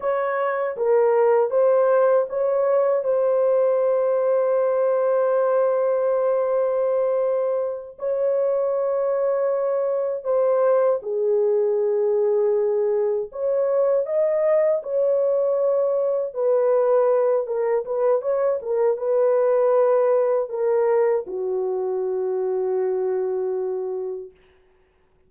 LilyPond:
\new Staff \with { instrumentName = "horn" } { \time 4/4 \tempo 4 = 79 cis''4 ais'4 c''4 cis''4 | c''1~ | c''2~ c''8 cis''4.~ | cis''4. c''4 gis'4.~ |
gis'4. cis''4 dis''4 cis''8~ | cis''4. b'4. ais'8 b'8 | cis''8 ais'8 b'2 ais'4 | fis'1 | }